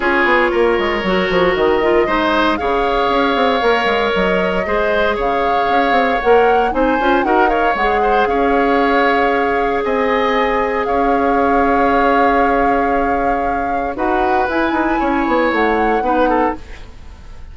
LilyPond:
<<
  \new Staff \with { instrumentName = "flute" } { \time 4/4 \tempo 4 = 116 cis''2. dis''4~ | dis''4 f''2. | dis''2 f''2 | fis''4 gis''4 fis''8 f''8 fis''4 |
f''2. gis''4~ | gis''4 f''2.~ | f''2. fis''4 | gis''2 fis''2 | }
  \new Staff \with { instrumentName = "oboe" } { \time 4/4 gis'4 ais'2. | c''4 cis''2.~ | cis''4 c''4 cis''2~ | cis''4 c''4 ais'8 cis''4 c''8 |
cis''2. dis''4~ | dis''4 cis''2.~ | cis''2. b'4~ | b'4 cis''2 b'8 a'8 | }
  \new Staff \with { instrumentName = "clarinet" } { \time 4/4 f'2 fis'4. f'8 | dis'4 gis'2 ais'4~ | ais'4 gis'2. | ais'4 dis'8 f'8 fis'8 ais'8 gis'4~ |
gis'1~ | gis'1~ | gis'2. fis'4 | e'2. dis'4 | }
  \new Staff \with { instrumentName = "bassoon" } { \time 4/4 cis'8 b8 ais8 gis8 fis8 f8 dis4 | gis4 cis4 cis'8 c'8 ais8 gis8 | fis4 gis4 cis4 cis'8 c'8 | ais4 c'8 cis'8 dis'4 gis4 |
cis'2. c'4~ | c'4 cis'2.~ | cis'2. dis'4 | e'8 dis'8 cis'8 b8 a4 b4 | }
>>